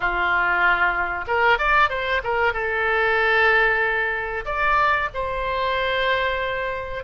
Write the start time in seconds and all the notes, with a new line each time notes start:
0.00 F4
1.27 A#4
1.58 D5
1.89 C5
2.23 A#4
2.53 A4
4.45 D5
5.14 C5